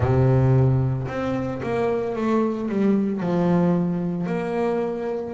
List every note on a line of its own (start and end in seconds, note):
0.00 1.07 C3
1.07 1.61 C4
1.62 2.15 A#3
2.15 2.68 A3
2.68 3.20 G3
3.20 4.26 F3
4.26 5.33 A#3